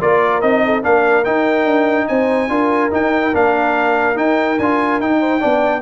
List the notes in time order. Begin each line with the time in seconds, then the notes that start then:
0.00 A#3 F4 A#4 D5
0.41 C4 D#4 D#5
0.65 A4
0.82 A#3 D4 A#4 F5
1.24 D#4 G5
1.65 D4
2.07 C4 C5 G#5
2.48 D4 F4 A#4
2.90 D#4 G5
3.33 A#3 D4 F5
4.15 D#4 G5
4.59 D4 F4 G#5
4.99 D#4 G5
5.19 C5
5.39 B3 D4 D5